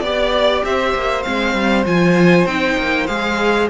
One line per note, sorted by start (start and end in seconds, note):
0.00 0.62 B3
0.00 1.23 G4
0.00 0.61 D5
0.00 0.65 D5
0.63 0.94 C4
0.63 3.69 C5
0.63 1.23 E5
0.95 1.25 A#3
1.23 1.54 G#3
1.23 1.85 C4
1.23 1.84 F5
1.54 1.85 G3
1.85 2.46 F3
1.85 2.47 F4
1.85 2.46 G#5
2.46 2.76 C4
2.46 3.07 D#4
2.46 3.06 G5
2.77 3.08 A#3
3.06 3.69 G#3
3.06 3.68 G#4
3.06 3.68 F5